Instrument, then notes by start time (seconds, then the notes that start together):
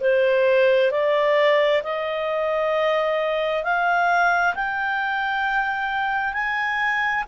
clarinet
0.00 C5
0.91 D5
1.83 D#5
3.63 F5
4.55 G5
6.33 G#5